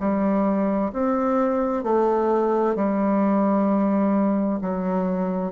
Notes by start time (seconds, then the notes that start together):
0.00 G3
0.93 C4
1.84 A3
2.75 G3
4.62 F#3